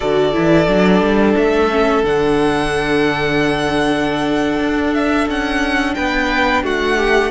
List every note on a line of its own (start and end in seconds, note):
0.00 0.36 D3
0.00 0.32 F#4
0.00 5.94 A4
0.00 1.34 D5
0.32 0.68 E3
0.32 0.66 E4
0.67 1.01 F#3
0.67 1.70 D4
1.01 1.35 G3
1.36 2.03 A3
1.36 2.04 E5
1.70 2.04 C#4
2.03 4.58 D3
2.03 7.31 D4
2.03 4.94 F#5
4.59 5.27 D4
4.94 5.28 E5
5.28 5.96 C#4
5.28 5.94 F#5
5.94 6.63 B3
5.94 6.63 B4
5.94 6.62 G5
6.63 7.31 A3
6.63 6.97 F#4
6.63 7.31 F#5
6.97 7.31 G4